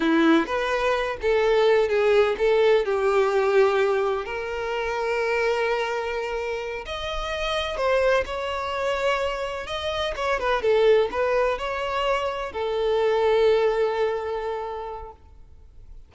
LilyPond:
\new Staff \with { instrumentName = "violin" } { \time 4/4 \tempo 4 = 127 e'4 b'4. a'4. | gis'4 a'4 g'2~ | g'4 ais'2.~ | ais'2~ ais'8 dis''4.~ |
dis''8 c''4 cis''2~ cis''8~ | cis''8 dis''4 cis''8 b'8 a'4 b'8~ | b'8 cis''2 a'4.~ | a'1 | }